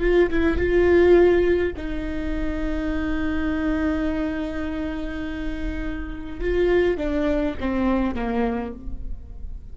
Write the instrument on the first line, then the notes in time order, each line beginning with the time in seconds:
viola
0.00 F4
0.29 E4
0.57 F4
1.77 D#4
6.40 F4
6.97 D4
7.59 C4
8.14 A#3